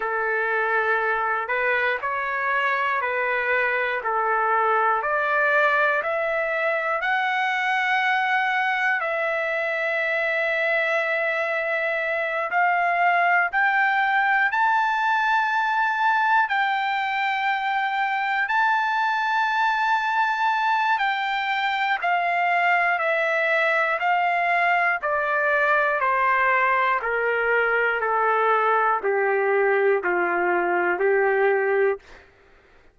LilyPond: \new Staff \with { instrumentName = "trumpet" } { \time 4/4 \tempo 4 = 60 a'4. b'8 cis''4 b'4 | a'4 d''4 e''4 fis''4~ | fis''4 e''2.~ | e''8 f''4 g''4 a''4.~ |
a''8 g''2 a''4.~ | a''4 g''4 f''4 e''4 | f''4 d''4 c''4 ais'4 | a'4 g'4 f'4 g'4 | }